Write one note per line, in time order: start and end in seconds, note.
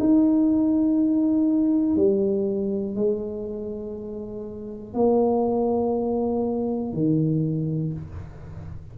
0.00 1.97 D#4
1.97 2.96 G3
2.96 4.95 G#3
4.95 6.94 A#3
6.94 7.94 D#3